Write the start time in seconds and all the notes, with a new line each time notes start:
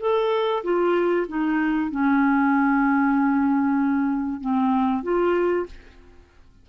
0.00 A4
0.63 F4
1.28 D#4
1.90 C#4
4.41 C4
5.03 F4